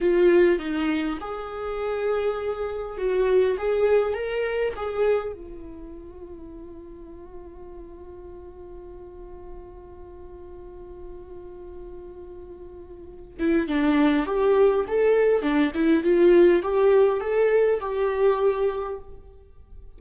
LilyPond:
\new Staff \with { instrumentName = "viola" } { \time 4/4 \tempo 4 = 101 f'4 dis'4 gis'2~ | gis'4 fis'4 gis'4 ais'4 | gis'4 f'2.~ | f'1~ |
f'1~ | f'2~ f'8 e'8 d'4 | g'4 a'4 d'8 e'8 f'4 | g'4 a'4 g'2 | }